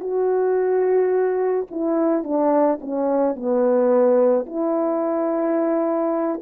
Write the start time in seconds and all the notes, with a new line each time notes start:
0.00 F#4
1.71 E4
2.23 D4
2.81 C#4
3.36 B3
4.46 E4